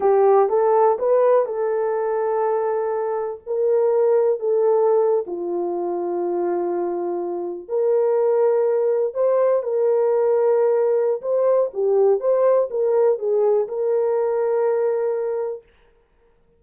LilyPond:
\new Staff \with { instrumentName = "horn" } { \time 4/4 \tempo 4 = 123 g'4 a'4 b'4 a'4~ | a'2. ais'4~ | ais'4 a'4.~ a'16 f'4~ f'16~ | f'2.~ f'8. ais'16~ |
ais'2~ ais'8. c''4 ais'16~ | ais'2. c''4 | g'4 c''4 ais'4 gis'4 | ais'1 | }